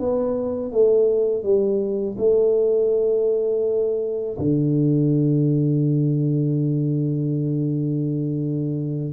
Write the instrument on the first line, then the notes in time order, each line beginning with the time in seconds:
tuba
0.00 B3
0.72 A3
1.43 G3
2.18 A3
4.38 D3